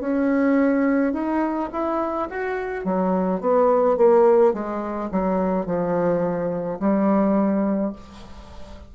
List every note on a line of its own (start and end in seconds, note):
0.00 1.13 C#4
1.13 1.69 D#4
1.72 2.28 E4
2.30 2.85 F#4
2.85 3.41 F#3
3.41 3.97 B3
3.97 4.53 A#3
4.53 5.10 G#3
5.11 5.66 F#3
5.66 6.79 F3
6.79 7.92 G3